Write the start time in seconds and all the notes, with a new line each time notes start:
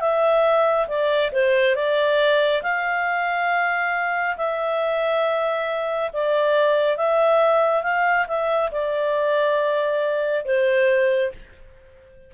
0.00 E5
0.87 D5
1.32 C5
1.75 D5
2.62 F5
4.36 E5
6.13 D5
6.96 E5
7.83 F5
8.27 E5
8.71 D5
10.45 C5